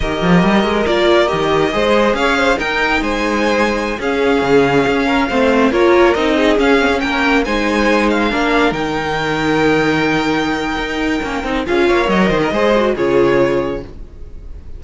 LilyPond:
<<
  \new Staff \with { instrumentName = "violin" } { \time 4/4 \tempo 4 = 139 dis''2 d''4 dis''4~ | dis''4 f''4 g''4 gis''4~ | gis''4~ gis''16 f''2~ f''8.~ | f''4~ f''16 cis''4 dis''4 f''8.~ |
f''16 g''4 gis''4. f''4~ f''16~ | f''16 g''2.~ g''8.~ | g''2. f''4 | dis''2 cis''2 | }
  \new Staff \with { instrumentName = "violin" } { \time 4/4 ais'1 | c''4 cis''8 c''8 ais'4 c''4~ | c''4~ c''16 gis'2~ gis'8 ais'16~ | ais'16 c''4 ais'4. gis'4~ gis'16~ |
gis'16 ais'4 c''2 ais'8.~ | ais'1~ | ais'2. gis'8 cis''8~ | cis''8 c''16 ais'16 c''4 gis'2 | }
  \new Staff \with { instrumentName = "viola" } { \time 4/4 g'2 f'4 g'4 | gis'2 dis'2~ | dis'4~ dis'16 cis'2~ cis'8.~ | cis'16 c'4 f'4 dis'4 cis'8 c'16 |
cis'4~ cis'16 dis'2 d'8.~ | d'16 dis'2.~ dis'8.~ | dis'2 cis'8 dis'8 f'4 | ais'4 gis'8 fis'8 f'2 | }
  \new Staff \with { instrumentName = "cello" } { \time 4/4 dis8 f8 g8 gis8 ais4 dis4 | gis4 cis'4 dis'4 gis4~ | gis4~ gis16 cis'4 cis4 cis'8.~ | cis'16 a4 ais4 c'4 cis'8.~ |
cis'16 ais4 gis2 ais8.~ | ais16 dis2.~ dis8.~ | dis4 dis'4 ais8 c'8 cis'8 ais8 | fis8 dis8 gis4 cis2 | }
>>